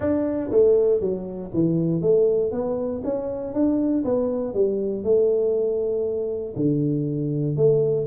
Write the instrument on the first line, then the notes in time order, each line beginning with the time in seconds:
tuba
0.00 D4
0.50 A3
1.00 F#3
1.53 E3
2.01 A3
2.51 B3
3.04 C#4
3.53 D4
4.04 B3
4.54 G3
5.03 A3
6.56 D3
7.56 A3